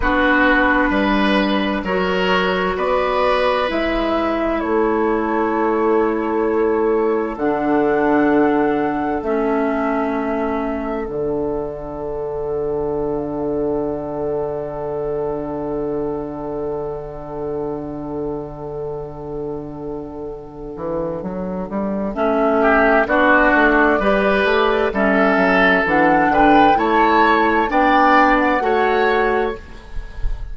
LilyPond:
<<
  \new Staff \with { instrumentName = "flute" } { \time 4/4 \tempo 4 = 65 b'2 cis''4 d''4 | e''4 cis''2. | fis''2 e''2 | fis''1~ |
fis''1~ | fis''1 | e''4 d''2 e''4 | fis''8 g''8 a''4 g''8. fis''4~ fis''16 | }
  \new Staff \with { instrumentName = "oboe" } { \time 4/4 fis'4 b'4 ais'4 b'4~ | b'4 a'2.~ | a'1~ | a'1~ |
a'1~ | a'1~ | a'8 g'8 fis'4 b'4 a'4~ | a'8 b'8 cis''4 d''4 cis''4 | }
  \new Staff \with { instrumentName = "clarinet" } { \time 4/4 d'2 fis'2 | e'1 | d'2 cis'2 | d'1~ |
d'1~ | d'1 | cis'4 d'4 g'4 cis'4 | d'4 e'4 d'4 fis'4 | }
  \new Staff \with { instrumentName = "bassoon" } { \time 4/4 b4 g4 fis4 b4 | gis4 a2. | d2 a2 | d1~ |
d1~ | d2~ d8 e8 fis8 g8 | a4 b8 a8 g8 a8 g8 fis8 | e8 d8 a4 b4 a4 | }
>>